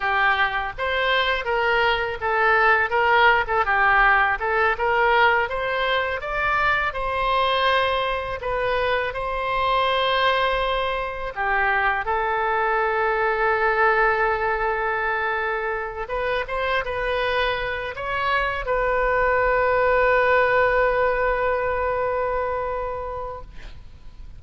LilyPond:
\new Staff \with { instrumentName = "oboe" } { \time 4/4 \tempo 4 = 82 g'4 c''4 ais'4 a'4 | ais'8. a'16 g'4 a'8 ais'4 c''8~ | c''8 d''4 c''2 b'8~ | b'8 c''2. g'8~ |
g'8 a'2.~ a'8~ | a'2 b'8 c''8 b'4~ | b'8 cis''4 b'2~ b'8~ | b'1 | }